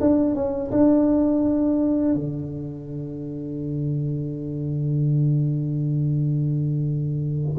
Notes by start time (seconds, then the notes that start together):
0.00 D4
0.35 C#4
0.71 D4
2.15 D3